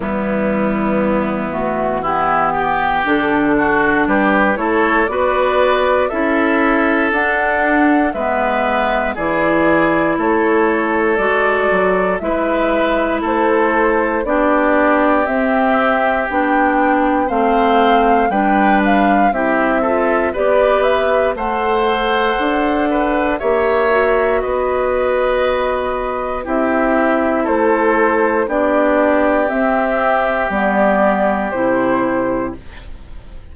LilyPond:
<<
  \new Staff \with { instrumentName = "flute" } { \time 4/4 \tempo 4 = 59 e'4. fis'8 g'4 a'4 | b'8 cis''8 d''4 e''4 fis''4 | e''4 d''4 cis''4 d''4 | e''4 c''4 d''4 e''4 |
g''4 f''4 g''8 f''8 e''4 | d''8 e''8 fis''2 e''4 | dis''2 e''4 c''4 | d''4 e''4 d''4 c''4 | }
  \new Staff \with { instrumentName = "oboe" } { \time 4/4 b2 e'8 g'4 fis'8 | g'8 a'8 b'4 a'2 | b'4 gis'4 a'2 | b'4 a'4 g'2~ |
g'4 c''4 b'4 g'8 a'8 | b'4 c''4. b'8 cis''4 | b'2 g'4 a'4 | g'1 | }
  \new Staff \with { instrumentName = "clarinet" } { \time 4/4 g4. a8 b4 d'4~ | d'8 e'8 fis'4 e'4 d'4 | b4 e'2 fis'4 | e'2 d'4 c'4 |
d'4 c'4 d'4 e'8 f'8 | g'4 a'2 g'8 fis'8~ | fis'2 e'2 | d'4 c'4 b4 e'4 | }
  \new Staff \with { instrumentName = "bassoon" } { \time 4/4 e2. d4 | g8 a8 b4 cis'4 d'4 | gis4 e4 a4 gis8 fis8 | gis4 a4 b4 c'4 |
b4 a4 g4 c'4 | b4 a4 d'4 ais4 | b2 c'4 a4 | b4 c'4 g4 c4 | }
>>